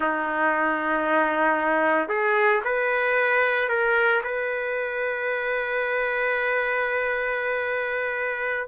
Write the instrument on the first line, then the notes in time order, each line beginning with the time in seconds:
trumpet
0.00 D#4
2.09 G#4
2.64 B4
3.68 A#4
4.23 B4